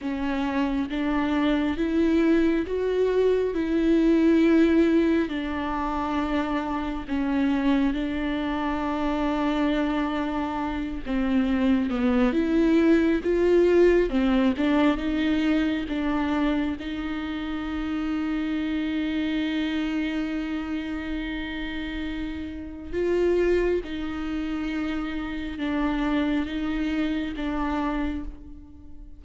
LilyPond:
\new Staff \with { instrumentName = "viola" } { \time 4/4 \tempo 4 = 68 cis'4 d'4 e'4 fis'4 | e'2 d'2 | cis'4 d'2.~ | d'8 c'4 b8 e'4 f'4 |
c'8 d'8 dis'4 d'4 dis'4~ | dis'1~ | dis'2 f'4 dis'4~ | dis'4 d'4 dis'4 d'4 | }